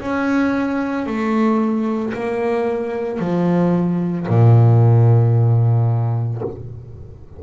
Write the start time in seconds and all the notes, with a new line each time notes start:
0.00 C#4
1.06 A3
2.13 A#3
3.19 F3
4.28 A#2